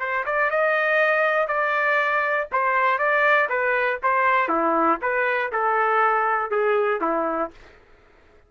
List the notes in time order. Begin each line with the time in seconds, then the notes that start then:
0.00 C5
0.26 D5
0.51 D#5
1.48 D5
2.52 C5
2.99 D5
3.50 B4
4.03 C5
4.49 E4
5.02 B4
5.52 A4
6.51 G#4
7.01 E4